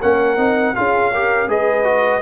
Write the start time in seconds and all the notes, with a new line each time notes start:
0.00 A#3 C#4 A#4 F#5
0.37 C4 D#4
0.75 C#4 F4 G#4 F5
1.12 G4 A#4
1.48 G#3 G#4 B4 D#5
1.84 F#4